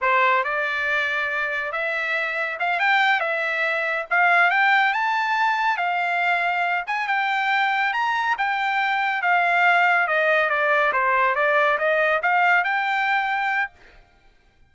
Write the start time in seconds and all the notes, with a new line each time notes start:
0.01 C5
0.44 D5
1.72 E5
2.59 F5
2.79 G5
3.19 E5
4.10 F5
4.50 G5
4.93 A5
5.77 F5
6.86 G#5
7.07 G5
7.93 A#5
8.38 G5
9.21 F5
10.07 D#5
10.49 D5
10.92 C5
11.35 D5
11.78 D#5
12.22 F5
12.64 G5